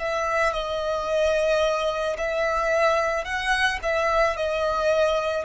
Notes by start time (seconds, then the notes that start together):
0.00 E5
0.53 D#5
2.18 E5
3.25 F#5
3.83 E5
4.37 D#5